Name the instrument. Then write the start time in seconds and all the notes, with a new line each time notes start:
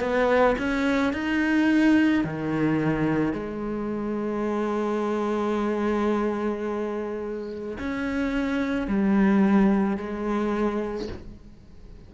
cello
0.00 B3
0.58 C#4
1.13 D#4
2.24 D#3
3.33 G#3
7.78 C#4
8.87 G3
9.96 G#3